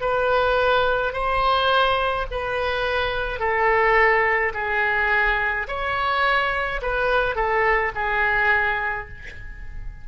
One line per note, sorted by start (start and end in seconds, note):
0.00 1.13 B4
1.13 2.26 C5
2.31 3.39 B4
3.39 4.52 A4
4.53 5.67 G#4
5.68 6.81 C#5
6.81 7.35 B4
7.35 7.91 A4
7.95 9.08 G#4